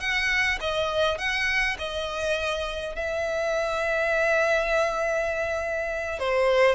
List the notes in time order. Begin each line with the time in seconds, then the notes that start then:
0.00 F#5
0.60 D#5
1.18 F#5
1.78 D#5
2.96 E5
6.19 C5